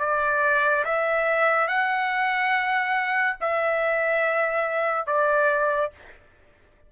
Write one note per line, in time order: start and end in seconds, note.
0.00 0.85 D5
0.85 1.68 E5
1.68 3.37 F#5
3.41 5.07 E5
5.07 5.91 D5